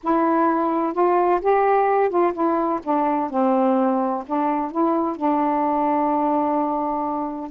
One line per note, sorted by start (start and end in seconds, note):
0.03 0.93 E4
0.93 1.40 F4
1.41 2.09 G4
2.09 2.32 F4
2.33 2.80 E4
2.83 3.30 D4
3.30 4.23 C4
4.26 4.71 D4
4.71 5.16 E4
5.16 7.50 D4